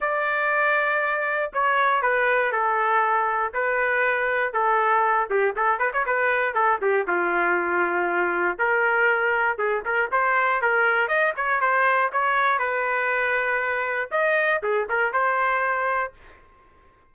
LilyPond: \new Staff \with { instrumentName = "trumpet" } { \time 4/4 \tempo 4 = 119 d''2. cis''4 | b'4 a'2 b'4~ | b'4 a'4. g'8 a'8 b'16 cis''16 | b'4 a'8 g'8 f'2~ |
f'4 ais'2 gis'8 ais'8 | c''4 ais'4 dis''8 cis''8 c''4 | cis''4 b'2. | dis''4 gis'8 ais'8 c''2 | }